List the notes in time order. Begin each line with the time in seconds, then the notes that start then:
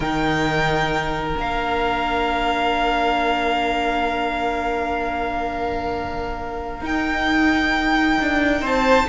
0.00 D#3 D#4 A#4 G5
1.34 A#3 D4 F5
6.81 D#4 G5
8.20 D4
8.61 C4 C5 A5